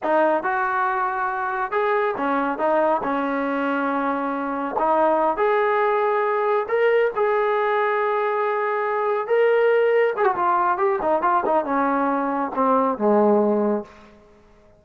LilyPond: \new Staff \with { instrumentName = "trombone" } { \time 4/4 \tempo 4 = 139 dis'4 fis'2. | gis'4 cis'4 dis'4 cis'4~ | cis'2. dis'4~ | dis'8 gis'2. ais'8~ |
ais'8 gis'2.~ gis'8~ | gis'4. ais'2 gis'16 fis'16 | f'4 g'8 dis'8 f'8 dis'8 cis'4~ | cis'4 c'4 gis2 | }